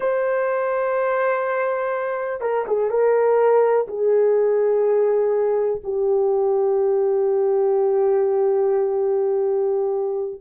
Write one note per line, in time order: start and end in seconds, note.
0.00 2.41 C5
2.41 2.65 A#4
2.67 2.90 G#4
2.90 3.87 A#4
3.87 5.81 G#4
5.83 10.41 G4